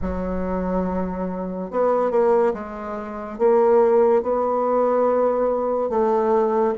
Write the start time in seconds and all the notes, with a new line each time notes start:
0.01 F#3
1.71 B3
2.10 A#3
2.54 G#3
3.38 A#3
4.22 B3
5.89 A3